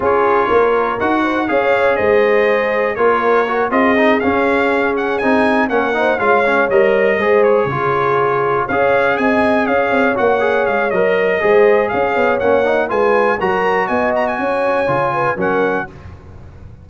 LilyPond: <<
  \new Staff \with { instrumentName = "trumpet" } { \time 4/4 \tempo 4 = 121 cis''2 fis''4 f''4 | dis''2 cis''4. dis''8~ | dis''8 f''4. fis''8 gis''4 fis''8~ | fis''8 f''4 dis''4. cis''4~ |
cis''4. f''4 gis''4 f''8~ | f''8 fis''4 f''8 dis''2 | f''4 fis''4 gis''4 ais''4 | gis''8 ais''16 gis''2~ gis''16 fis''4 | }
  \new Staff \with { instrumentName = "horn" } { \time 4/4 gis'4 ais'4. c''8 cis''4 | c''2 ais'4. gis'8~ | gis'2.~ gis'8 ais'8 | c''8 cis''2 c''4 gis'8~ |
gis'4. cis''4 dis''4 cis''8~ | cis''2. c''4 | cis''2 b'4 ais'4 | dis''4 cis''4. b'8 ais'4 | }
  \new Staff \with { instrumentName = "trombone" } { \time 4/4 f'2 fis'4 gis'4~ | gis'2 f'4 fis'8 f'8 | dis'8 cis'2 dis'4 cis'8 | dis'8 f'8 cis'8 ais'4 gis'4 f'8~ |
f'4. gis'2~ gis'8~ | gis'8 fis'8 gis'4 ais'4 gis'4~ | gis'4 cis'8 dis'8 f'4 fis'4~ | fis'2 f'4 cis'4 | }
  \new Staff \with { instrumentName = "tuba" } { \time 4/4 cis'4 ais4 dis'4 cis'4 | gis2 ais4. c'8~ | c'8 cis'2 c'4 ais8~ | ais8 gis4 g4 gis4 cis8~ |
cis4. cis'4 c'4 cis'8 | c'8 ais4 gis8 fis4 gis4 | cis'8 b8 ais4 gis4 fis4 | b4 cis'4 cis4 fis4 | }
>>